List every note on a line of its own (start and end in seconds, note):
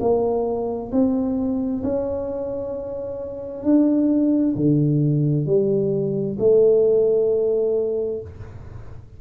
0.00 0.91 A#3
0.91 1.82 C4
1.83 3.63 C#4
3.63 4.54 D4
4.55 5.46 D3
5.46 6.37 G3
6.39 8.21 A3